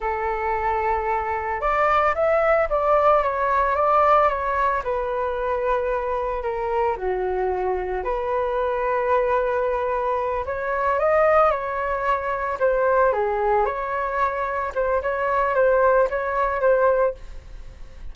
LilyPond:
\new Staff \with { instrumentName = "flute" } { \time 4/4 \tempo 4 = 112 a'2. d''4 | e''4 d''4 cis''4 d''4 | cis''4 b'2. | ais'4 fis'2 b'4~ |
b'2.~ b'8 cis''8~ | cis''8 dis''4 cis''2 c''8~ | c''8 gis'4 cis''2 c''8 | cis''4 c''4 cis''4 c''4 | }